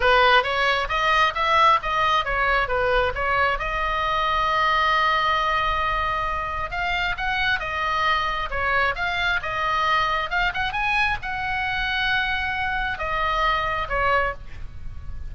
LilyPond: \new Staff \with { instrumentName = "oboe" } { \time 4/4 \tempo 4 = 134 b'4 cis''4 dis''4 e''4 | dis''4 cis''4 b'4 cis''4 | dis''1~ | dis''2. f''4 |
fis''4 dis''2 cis''4 | f''4 dis''2 f''8 fis''8 | gis''4 fis''2.~ | fis''4 dis''2 cis''4 | }